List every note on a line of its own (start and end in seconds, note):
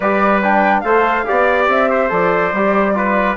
0.00 0.82 G3
0.00 0.43 G4
0.00 0.83 B4
0.00 0.41 D5
0.43 0.84 D4
0.43 0.80 G5
0.80 1.25 A3
0.80 1.25 A4
0.80 1.27 C5
0.80 1.64 F5
1.25 1.67 B3
1.25 2.09 G4
1.25 1.90 D5
1.67 2.10 C4
1.67 2.11 E5
1.90 2.95 C5
2.09 2.52 F3
2.09 2.51 A4
2.09 3.36 D5
2.52 3.36 G3
2.52 2.94 G4
2.94 3.36 F4
2.94 3.36 B4